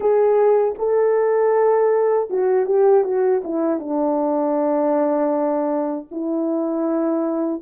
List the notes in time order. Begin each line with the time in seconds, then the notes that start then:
0.00 G#4
0.78 A4
2.30 F#4
2.66 G4
3.04 F#4
3.44 E4
3.79 D4
6.11 E4